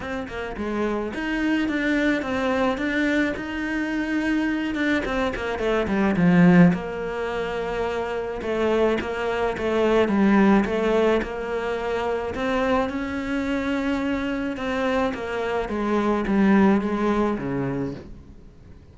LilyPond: \new Staff \with { instrumentName = "cello" } { \time 4/4 \tempo 4 = 107 c'8 ais8 gis4 dis'4 d'4 | c'4 d'4 dis'2~ | dis'8 d'8 c'8 ais8 a8 g8 f4 | ais2. a4 |
ais4 a4 g4 a4 | ais2 c'4 cis'4~ | cis'2 c'4 ais4 | gis4 g4 gis4 cis4 | }